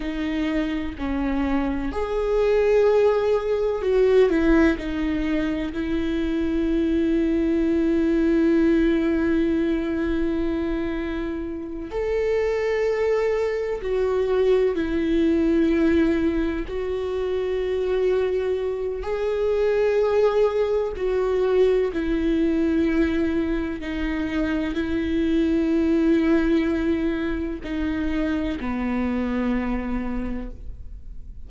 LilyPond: \new Staff \with { instrumentName = "viola" } { \time 4/4 \tempo 4 = 63 dis'4 cis'4 gis'2 | fis'8 e'8 dis'4 e'2~ | e'1~ | e'8 a'2 fis'4 e'8~ |
e'4. fis'2~ fis'8 | gis'2 fis'4 e'4~ | e'4 dis'4 e'2~ | e'4 dis'4 b2 | }